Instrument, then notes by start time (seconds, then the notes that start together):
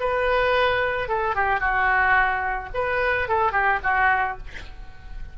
oboe
0.00 B4
1.08 A4
1.35 G4
1.60 F#4
2.74 B4
3.28 A4
3.52 G4
3.83 F#4